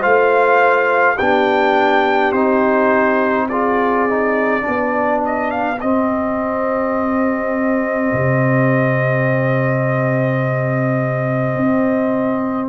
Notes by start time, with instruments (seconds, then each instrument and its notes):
0.00 tuba A3, trombone F4, horn C5, trumpet F5
1.16 tuba B3, trombone D4, horn G4, trumpet G5
2.32 tuba C4, trombone D#4, trumpet C5
3.49 trombone F4, horn G#4, trumpet D5
4.09 trombone D#4
4.62 trombone D4, horn G4
4.68 tuba B3
5.25 trumpet D#5
5.51 trumpet F5
5.81 tuba C4, trombone C4, trumpet D#5
8.13 tuba C3
11.56 tuba C4